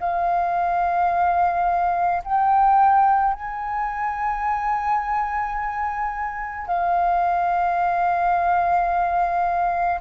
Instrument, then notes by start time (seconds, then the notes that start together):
flute
0.00 F5
2.24 G5
3.34 G#5
6.67 F5